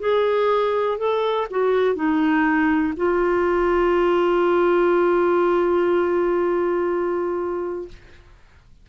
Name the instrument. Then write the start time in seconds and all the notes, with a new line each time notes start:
clarinet
0.00 G#4
0.98 A4
1.51 F#4
1.96 D#4
2.97 F4